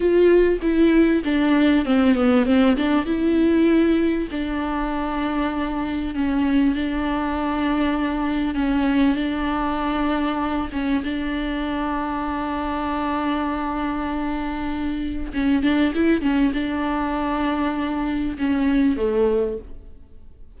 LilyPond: \new Staff \with { instrumentName = "viola" } { \time 4/4 \tempo 4 = 98 f'4 e'4 d'4 c'8 b8 | c'8 d'8 e'2 d'4~ | d'2 cis'4 d'4~ | d'2 cis'4 d'4~ |
d'4. cis'8 d'2~ | d'1~ | d'4 cis'8 d'8 e'8 cis'8 d'4~ | d'2 cis'4 a4 | }